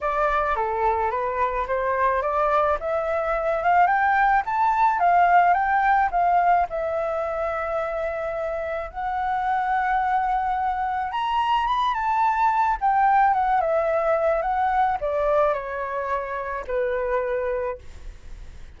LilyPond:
\new Staff \with { instrumentName = "flute" } { \time 4/4 \tempo 4 = 108 d''4 a'4 b'4 c''4 | d''4 e''4. f''8 g''4 | a''4 f''4 g''4 f''4 | e''1 |
fis''1 | ais''4 b''8 a''4. g''4 | fis''8 e''4. fis''4 d''4 | cis''2 b'2 | }